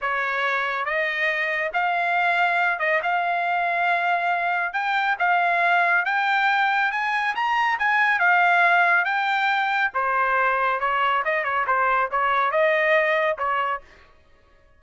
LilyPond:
\new Staff \with { instrumentName = "trumpet" } { \time 4/4 \tempo 4 = 139 cis''2 dis''2 | f''2~ f''8 dis''8 f''4~ | f''2. g''4 | f''2 g''2 |
gis''4 ais''4 gis''4 f''4~ | f''4 g''2 c''4~ | c''4 cis''4 dis''8 cis''8 c''4 | cis''4 dis''2 cis''4 | }